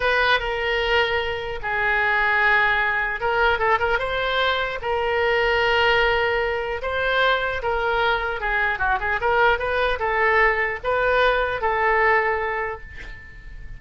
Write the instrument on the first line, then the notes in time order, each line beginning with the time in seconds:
oboe
0.00 B4
0.39 A#4
1.62 G#4
3.20 A#4
3.59 A4
3.79 A#4
3.99 C5
4.81 A#4
6.81 C5
7.62 A#4
8.40 G#4
8.79 F#4
9.00 G#4
9.21 A#4
9.58 B4
9.99 A4
10.83 B4
11.61 A4